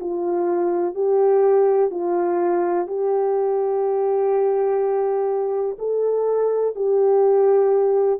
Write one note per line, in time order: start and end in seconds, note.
0.00 0.94 F4
0.94 1.90 G4
1.90 2.86 F4
2.86 5.77 G4
5.78 6.75 A4
6.75 8.20 G4